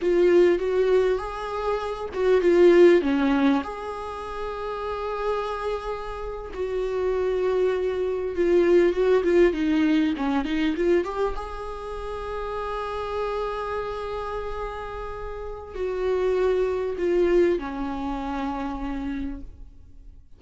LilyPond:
\new Staff \with { instrumentName = "viola" } { \time 4/4 \tempo 4 = 99 f'4 fis'4 gis'4. fis'8 | f'4 cis'4 gis'2~ | gis'2~ gis'8. fis'4~ fis'16~ | fis'4.~ fis'16 f'4 fis'8 f'8 dis'16~ |
dis'8. cis'8 dis'8 f'8 g'8 gis'4~ gis'16~ | gis'1~ | gis'2 fis'2 | f'4 cis'2. | }